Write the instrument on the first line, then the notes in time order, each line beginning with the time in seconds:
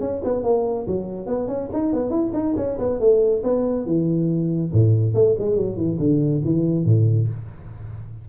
tuba
0.00 C#4
0.24 B3
0.43 A#3
0.87 F#3
1.26 B3
1.48 C#4
1.73 D#4
1.93 B3
2.10 E4
2.33 D#4
2.57 C#4
2.79 B3
3.00 A3
3.43 B3
3.86 E3
4.72 A2
5.14 A3
5.39 G#3
5.56 F#3
5.76 E3
5.99 D3
6.45 E3
6.85 A2